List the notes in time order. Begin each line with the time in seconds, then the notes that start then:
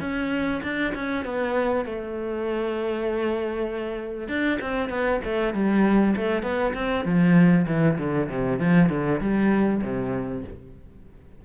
0.00 C#4
0.63 D4
0.94 C#4
1.25 B3
1.85 A3
4.28 D4
4.61 C4
4.90 B3
5.24 A3
5.54 G3
6.16 A3
6.43 B3
6.74 C4
7.05 F3
7.67 E3
7.98 D3
8.29 C3
8.59 F3
8.89 D3
9.21 G3
9.83 C3